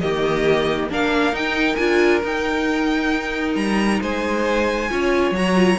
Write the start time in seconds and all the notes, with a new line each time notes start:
0.00 D#3 A#3 G4 D#5
0.89 A#3 D4 A#4 F5
1.32 D#4 G5
1.75 D4 F4 G#5
2.23 D#4 G5
3.55 G3 A#5
4.01 G#3 C5 G#5
4.89 C#4 F4 C#5
5.31 F#3 F#4 A#5
5.55 F4